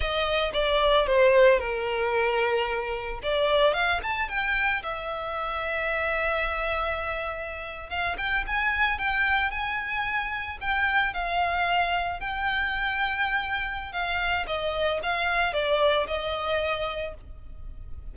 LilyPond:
\new Staff \with { instrumentName = "violin" } { \time 4/4 \tempo 4 = 112 dis''4 d''4 c''4 ais'4~ | ais'2 d''4 f''8 a''8 | g''4 e''2.~ | e''2~ e''8. f''8 g''8 gis''16~ |
gis''8. g''4 gis''2 g''16~ | g''8. f''2 g''4~ g''16~ | g''2 f''4 dis''4 | f''4 d''4 dis''2 | }